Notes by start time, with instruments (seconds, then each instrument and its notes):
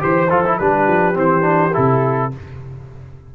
0.00 tuba E3, trombone G4, horn C5, trumpet C5
0.30 tuba F3, trombone F4, trumpet A4
0.45 trombone E4
0.58 tuba G3, trombone D4, horn G4, trumpet B4
0.88 tuba F3
1.14 tuba E3, trombone C4, trumpet C5
1.42 trombone D4
1.74 tuba C3, trombone E4, trumpet A4